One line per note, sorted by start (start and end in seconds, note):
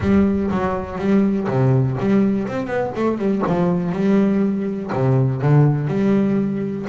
0.00 0.49 G3
0.51 0.98 F#3
0.98 1.47 G3
1.48 1.97 C3
1.99 2.47 G3
2.47 2.66 C4
2.66 2.91 B3
2.95 3.17 A3
3.17 3.42 G3
3.47 3.92 F3
3.92 4.90 G3
4.92 5.41 C3
5.41 5.87 D3
5.87 6.85 G3